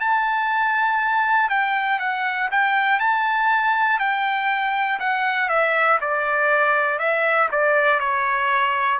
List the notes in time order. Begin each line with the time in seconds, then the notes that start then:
0.00 A5
1.49 G5
1.99 F#5
2.51 G5
2.99 A5
3.99 G5
4.99 F#5
5.49 E5
6.00 D5
6.98 E5
7.51 D5
7.99 C#5